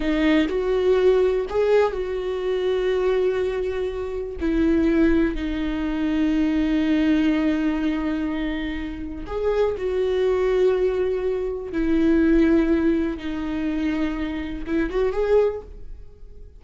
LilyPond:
\new Staff \with { instrumentName = "viola" } { \time 4/4 \tempo 4 = 123 dis'4 fis'2 gis'4 | fis'1~ | fis'4 e'2 dis'4~ | dis'1~ |
dis'2. gis'4 | fis'1 | e'2. dis'4~ | dis'2 e'8 fis'8 gis'4 | }